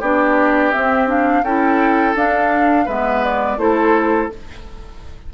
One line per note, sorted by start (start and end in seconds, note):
0.00 0.72 B3
0.00 0.72 D4
0.00 1.43 G4
0.00 0.71 D5
0.71 1.07 C4
0.71 1.43 C4
0.71 1.07 E5
1.07 1.43 D4
1.07 1.44 F5
1.43 2.14 C#4
1.43 2.15 E4
1.43 2.85 A4
1.43 2.15 G5
2.15 2.86 D4
2.15 2.87 D4
2.15 2.89 F5
2.85 3.57 G#3
2.85 3.58 B3
2.85 3.57 B4
2.85 3.24 E5
3.24 3.59 D5
3.57 4.29 A3
3.57 4.29 E4
3.57 4.33 A4
3.57 4.30 C5